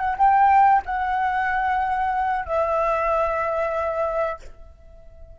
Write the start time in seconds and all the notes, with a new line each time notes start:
0.00 F#5
0.18 G5
0.86 F#5
2.46 E5